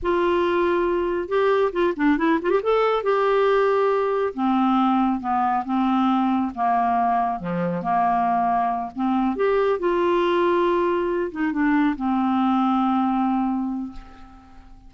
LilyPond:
\new Staff \with { instrumentName = "clarinet" } { \time 4/4 \tempo 4 = 138 f'2. g'4 | f'8 d'8 e'8 f'16 g'16 a'4 g'4~ | g'2 c'2 | b4 c'2 ais4~ |
ais4 f4 ais2~ | ais8 c'4 g'4 f'4.~ | f'2 dis'8 d'4 c'8~ | c'1 | }